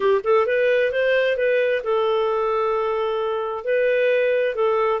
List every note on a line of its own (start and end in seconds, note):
0.00 0.21 G4
0.24 0.46 A4
0.46 0.91 B4
0.91 1.36 C5
1.36 1.82 B4
1.83 3.64 A4
3.64 4.55 B4
4.55 5.00 A4